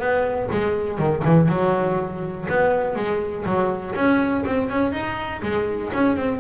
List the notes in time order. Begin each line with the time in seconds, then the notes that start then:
0.00 B3
0.51 G#3
0.99 D#3
1.25 E3
1.49 F#3
2.49 B3
2.95 G#3
3.45 F#3
3.95 C#4
4.46 C4
4.70 C#4
4.92 D#4
5.43 G#3
5.94 C#4
6.17 C4